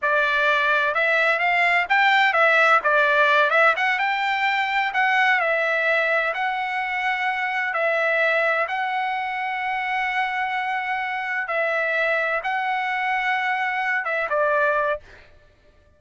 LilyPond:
\new Staff \with { instrumentName = "trumpet" } { \time 4/4 \tempo 4 = 128 d''2 e''4 f''4 | g''4 e''4 d''4. e''8 | fis''8 g''2 fis''4 e''8~ | e''4. fis''2~ fis''8~ |
fis''8 e''2 fis''4.~ | fis''1~ | fis''8 e''2 fis''4.~ | fis''2 e''8 d''4. | }